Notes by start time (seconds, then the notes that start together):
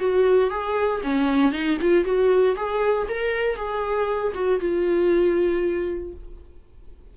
0.00 F#4
0.51 G#4
1.03 C#4
1.53 D#4
1.82 F4
2.05 F#4
2.57 G#4
3.09 A#4
3.56 G#4
4.35 F#4
4.60 F4